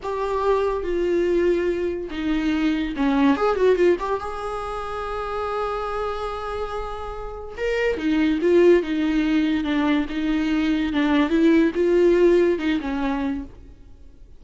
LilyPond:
\new Staff \with { instrumentName = "viola" } { \time 4/4 \tempo 4 = 143 g'2 f'2~ | f'4 dis'2 cis'4 | gis'8 fis'8 f'8 g'8 gis'2~ | gis'1~ |
gis'2 ais'4 dis'4 | f'4 dis'2 d'4 | dis'2 d'4 e'4 | f'2 dis'8 cis'4. | }